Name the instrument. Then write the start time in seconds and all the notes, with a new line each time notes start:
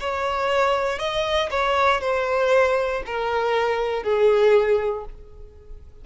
violin
0.00 C#5
0.99 D#5
1.50 C#5
2.01 C5
3.06 A#4
4.03 G#4